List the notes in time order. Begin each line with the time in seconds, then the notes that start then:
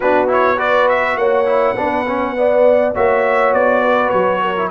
0.00 B3 D4 F#4 B4
0.27 E4 C#5
0.56 F#4 B4 D5
0.88 E5
1.16 A#3 C#5 F#5
1.46 E4
1.75 B3 D4 B4
2.06 C#4
2.36 B3 D5
2.94 A#3 F#4 C#5 E5
3.53 B3 D5
3.82 B4
4.09 F#3 C#5
4.41 A#4
4.56 E4